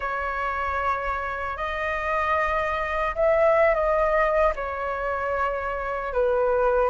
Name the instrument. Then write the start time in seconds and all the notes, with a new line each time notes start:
flute
0.00 C#5
1.56 D#5
3.15 E5
3.74 D#5
4.55 C#5
6.13 B4